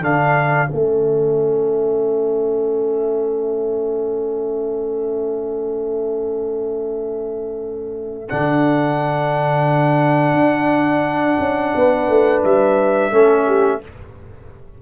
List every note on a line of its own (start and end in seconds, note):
0.00 0.69 D3
0.00 0.68 D4
0.00 11.74 A4
0.00 0.71 F5
0.68 8.31 A3
0.68 8.27 C#4
0.68 8.29 E5
8.29 10.34 D3
8.29 13.12 D4
8.29 12.43 F#5
10.34 11.37 D4
11.39 11.74 C#4
11.75 12.08 B3
11.75 13.13 B4
12.08 12.43 A3
12.44 13.11 G3
12.44 13.82 E5
13.11 13.80 A3
13.11 13.81 C#4
13.11 13.47 A4
13.47 13.81 G4